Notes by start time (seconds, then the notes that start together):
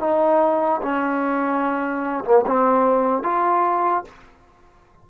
0.00 D#4
0.83 C#4
2.25 A#3
2.47 C4
3.23 F4